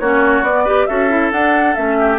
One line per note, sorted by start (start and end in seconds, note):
0.00 0.42 A#3
0.00 0.44 C#4
0.00 0.64 F#4
0.00 0.44 C#5
0.42 0.86 B3
0.42 0.66 B3
0.42 0.86 D5
0.64 0.88 G4
0.64 0.86 B4
0.86 1.32 C#4
0.86 1.10 F#4
0.86 1.98 A4
0.86 1.30 E5
1.10 1.31 E4
1.31 1.75 D4
1.31 1.75 F#5
1.75 2.19 A3
1.75 2.19 C#4
1.75 2.19 E5
1.99 2.19 G4